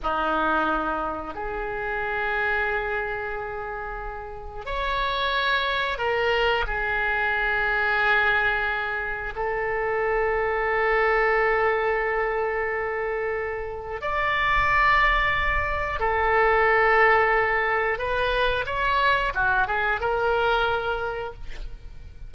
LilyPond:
\new Staff \with { instrumentName = "oboe" } { \time 4/4 \tempo 4 = 90 dis'2 gis'2~ | gis'2. cis''4~ | cis''4 ais'4 gis'2~ | gis'2 a'2~ |
a'1~ | a'4 d''2. | a'2. b'4 | cis''4 fis'8 gis'8 ais'2 | }